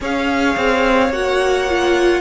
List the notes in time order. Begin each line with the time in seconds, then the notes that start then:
0.00 C#4 G#4 C#5 F5
0.56 C4
1.09 A#3 F#4 F#5
1.68 F4